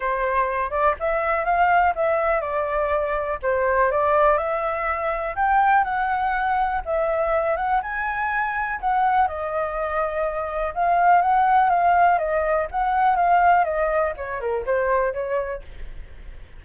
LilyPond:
\new Staff \with { instrumentName = "flute" } { \time 4/4 \tempo 4 = 123 c''4. d''8 e''4 f''4 | e''4 d''2 c''4 | d''4 e''2 g''4 | fis''2 e''4. fis''8 |
gis''2 fis''4 dis''4~ | dis''2 f''4 fis''4 | f''4 dis''4 fis''4 f''4 | dis''4 cis''8 ais'8 c''4 cis''4 | }